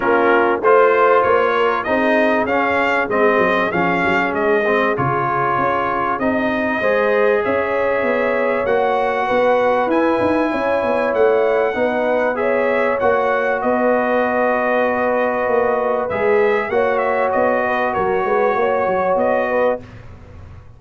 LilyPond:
<<
  \new Staff \with { instrumentName = "trumpet" } { \time 4/4 \tempo 4 = 97 ais'4 c''4 cis''4 dis''4 | f''4 dis''4 f''4 dis''4 | cis''2 dis''2 | e''2 fis''2 |
gis''2 fis''2 | e''4 fis''4 dis''2~ | dis''2 e''4 fis''8 e''8 | dis''4 cis''2 dis''4 | }
  \new Staff \with { instrumentName = "horn" } { \time 4/4 f'4 c''4. ais'8 gis'4~ | gis'1~ | gis'2. c''4 | cis''2. b'4~ |
b'4 cis''2 b'4 | cis''2 b'2~ | b'2. cis''4~ | cis''8 b'8 ais'8 b'8 cis''4. b'8 | }
  \new Staff \with { instrumentName = "trombone" } { \time 4/4 cis'4 f'2 dis'4 | cis'4 c'4 cis'4. c'8 | f'2 dis'4 gis'4~ | gis'2 fis'2 |
e'2. dis'4 | gis'4 fis'2.~ | fis'2 gis'4 fis'4~ | fis'1 | }
  \new Staff \with { instrumentName = "tuba" } { \time 4/4 ais4 a4 ais4 c'4 | cis'4 gis8 fis8 f8 fis8 gis4 | cis4 cis'4 c'4 gis4 | cis'4 b4 ais4 b4 |
e'8 dis'8 cis'8 b8 a4 b4~ | b4 ais4 b2~ | b4 ais4 gis4 ais4 | b4 fis8 gis8 ais8 fis8 b4 | }
>>